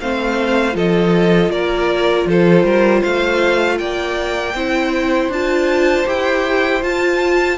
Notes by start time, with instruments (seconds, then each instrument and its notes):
0.00 cello A3, viola C4, violin C5 F5
0.72 cello F3, viola F4, violin A4 D#5
1.49 cello A#3, violin A#4 D5
2.26 cello F3, violin A4 C5
2.63 cello G3, violin A#4
3.00 cello A3, violin C5 F5
3.78 cello A#3, violin D5 G5
4.54 cello C4, viola E4, violin C5
5.28 cello D4, viola F4, violin A5
6.05 cello E4, viola G4, violin G5
6.82 viola F4, cello F4, violin A5